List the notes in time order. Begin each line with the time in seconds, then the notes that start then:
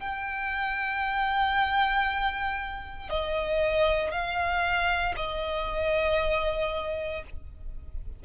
0.00 G5
3.10 D#5
4.12 F5
5.17 D#5